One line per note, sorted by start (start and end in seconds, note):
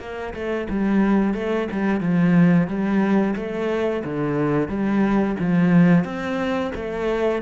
0.00 0.34 A#3
0.34 0.68 A3
0.70 1.35 G3
1.35 1.68 A3
1.72 2.01 G3
2.01 2.68 F3
2.68 3.35 G3
3.36 4.04 A3
4.05 4.69 D3
4.69 5.36 G3
5.40 6.05 F3
6.05 6.72 C4
6.76 7.42 A3